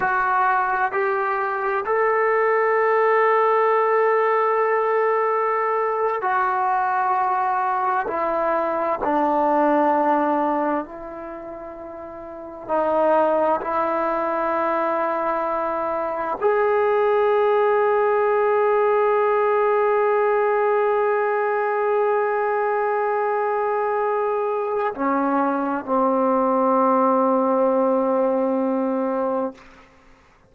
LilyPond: \new Staff \with { instrumentName = "trombone" } { \time 4/4 \tempo 4 = 65 fis'4 g'4 a'2~ | a'2~ a'8. fis'4~ fis'16~ | fis'8. e'4 d'2 e'16~ | e'4.~ e'16 dis'4 e'4~ e'16~ |
e'4.~ e'16 gis'2~ gis'16~ | gis'1~ | gis'2. cis'4 | c'1 | }